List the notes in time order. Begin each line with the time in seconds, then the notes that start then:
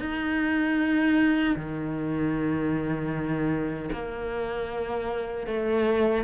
0.00 D#4
1.57 D#3
3.93 A#3
5.47 A3